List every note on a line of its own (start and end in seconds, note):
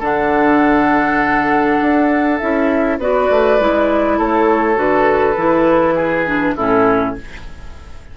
0.00 1.79 D3
0.00 2.39 D4
0.00 2.97 A4
0.00 2.38 F#5
1.81 2.41 D4
2.38 2.99 C#4
2.38 3.00 E4
2.38 2.98 E5
2.99 3.29 B3
2.99 3.60 F#4
2.99 4.18 B4
2.99 4.20 D5
3.30 3.60 A3
3.60 4.19 G#3
3.60 4.75 E4
4.18 4.77 A3
4.18 5.95 A4
4.18 4.79 C#5
4.75 5.37 D3
4.75 5.35 F#4
4.75 6.56 B4
5.37 6.56 E3
5.37 6.27 E4
5.95 6.54 G#4
6.27 6.56 D4
6.56 7.17 A2
6.56 7.17 C#4
6.56 7.15 E4
6.56 7.16 A4